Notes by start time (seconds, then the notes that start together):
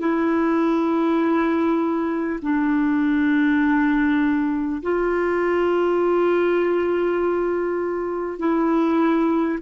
0.00 E4
2.42 D4
4.83 F4
8.39 E4